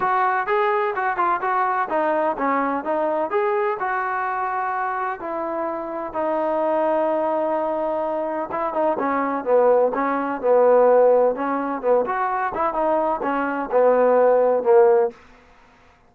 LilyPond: \new Staff \with { instrumentName = "trombone" } { \time 4/4 \tempo 4 = 127 fis'4 gis'4 fis'8 f'8 fis'4 | dis'4 cis'4 dis'4 gis'4 | fis'2. e'4~ | e'4 dis'2.~ |
dis'2 e'8 dis'8 cis'4 | b4 cis'4 b2 | cis'4 b8 fis'4 e'8 dis'4 | cis'4 b2 ais4 | }